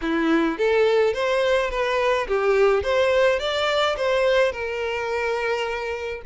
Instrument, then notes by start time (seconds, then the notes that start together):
violin
0.01 E4
0.57 A4
1.13 C5
1.70 B4
2.27 G4
2.83 C5
3.39 D5
3.96 C5
4.52 A#4